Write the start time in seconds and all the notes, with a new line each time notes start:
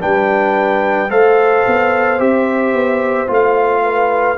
0.00 G3 D4 B4 G5
1.09 A3 A4 C5 F5
1.67 B3
2.19 C4 G4 E5
2.74 B3
3.27 A3 F4 F5
3.83 B4